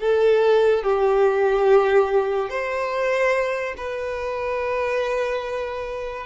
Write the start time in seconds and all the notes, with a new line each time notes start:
0.00 A4
0.83 G4
2.50 C5
3.77 B4